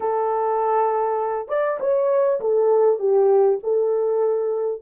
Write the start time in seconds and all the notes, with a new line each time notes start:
0.00 A4
1.48 D5
1.80 C#5
2.40 A4
2.99 G4
3.63 A4